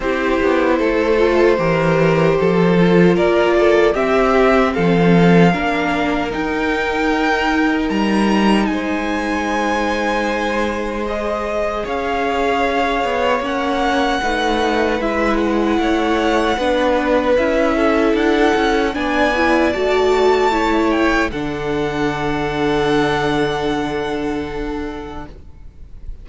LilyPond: <<
  \new Staff \with { instrumentName = "violin" } { \time 4/4 \tempo 4 = 76 c''1 | d''4 e''4 f''2 | g''2 ais''4 gis''4~ | gis''2 dis''4 f''4~ |
f''4 fis''2 e''8 fis''8~ | fis''2 e''4 fis''4 | gis''4 a''4. g''8 fis''4~ | fis''1 | }
  \new Staff \with { instrumentName = "violin" } { \time 4/4 g'4 a'4 ais'4 a'4 | ais'8 a'8 g'4 a'4 ais'4~ | ais'2. c''4~ | c''2. cis''4~ |
cis''2 b'2 | cis''4 b'4. a'4. | d''2 cis''4 a'4~ | a'1 | }
  \new Staff \with { instrumentName = "viola" } { \time 4/4 e'4. f'8 g'4. f'8~ | f'4 c'2 d'4 | dis'1~ | dis'2 gis'2~ |
gis'4 cis'4 dis'4 e'4~ | e'4 d'4 e'2 | d'8 e'8 fis'4 e'4 d'4~ | d'1 | }
  \new Staff \with { instrumentName = "cello" } { \time 4/4 c'8 b8 a4 e4 f4 | ais4 c'4 f4 ais4 | dis'2 g4 gis4~ | gis2. cis'4~ |
cis'8 b8 ais4 a4 gis4 | a4 b4 cis'4 d'8 cis'8 | b4 a2 d4~ | d1 | }
>>